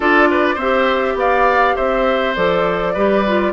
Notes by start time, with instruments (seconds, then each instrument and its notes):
0.00 bassoon D4, clarinet F4, oboe A4, flute D5
0.30 oboe B4
0.54 bassoon C4, oboe C5, flute E5
0.61 clarinet G4
1.14 bassoon B3, oboe D5, flute F5
1.75 bassoon C4, oboe C5, flute E5
2.35 bassoon F3, clarinet A4, flute D5
2.93 bassoon G3, clarinet G4, oboe B4
3.26 clarinet F4